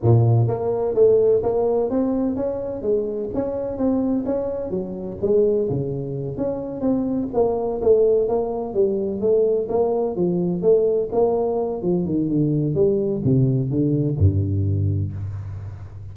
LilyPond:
\new Staff \with { instrumentName = "tuba" } { \time 4/4 \tempo 4 = 127 ais,4 ais4 a4 ais4 | c'4 cis'4 gis4 cis'4 | c'4 cis'4 fis4 gis4 | cis4. cis'4 c'4 ais8~ |
ais8 a4 ais4 g4 a8~ | a8 ais4 f4 a4 ais8~ | ais4 f8 dis8 d4 g4 | c4 d4 g,2 | }